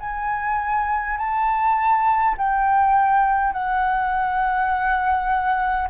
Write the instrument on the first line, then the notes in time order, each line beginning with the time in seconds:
flute
0.00 G#5
1.18 A5
2.37 G5
3.52 F#5